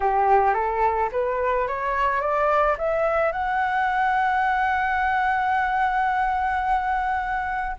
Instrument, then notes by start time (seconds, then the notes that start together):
flute
0.00 G4
0.54 A4
1.12 B4
1.67 C#5
2.21 D5
2.78 E5
3.32 F#5